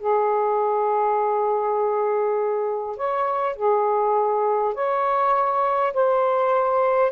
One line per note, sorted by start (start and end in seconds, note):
0.00 2.97 G#4
2.97 3.56 C#5
3.56 4.74 G#4
4.74 5.93 C#5
5.94 7.12 C5